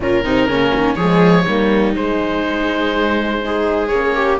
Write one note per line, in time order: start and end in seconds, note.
0.00 0.23 A#2
0.00 0.24 C#4
0.00 0.24 F4
0.00 0.95 A#4
0.23 0.47 C3
0.23 0.48 C4
0.23 0.48 D#4
0.47 0.71 C#3
0.47 0.98 A#3
0.47 0.96 C#4
0.74 0.96 D#3
0.95 1.45 F3
0.95 1.45 G#4
0.95 1.92 C#5
1.01 1.46 G#3
1.46 1.96 G3
1.46 1.94 A#3
1.46 3.42 D#4
1.94 3.40 G#3
1.94 3.91 G#3
1.94 3.87 C5
3.42 3.91 D#4
3.42 4.15 G#4
3.87 4.39 A#3
3.87 4.39 C#4
3.87 4.36 C#5
4.15 4.39 G4